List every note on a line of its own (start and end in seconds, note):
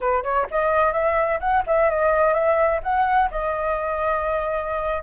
0.00 0.23 B4
0.23 0.46 C#5
0.50 0.92 D#5
0.92 1.39 E5
1.40 1.63 F#5
1.66 1.90 E5
1.90 2.33 D#5
2.33 2.80 E5
2.83 3.30 F#5
3.30 5.03 D#5